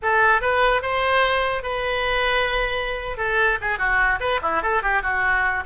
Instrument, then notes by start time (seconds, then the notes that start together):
oboe
0.02 A4
0.41 B4
0.82 C5
1.63 B4
3.17 A4
3.61 G#4
3.78 F#4
4.20 B4
4.42 E4
4.62 A4
4.82 G4
5.02 F#4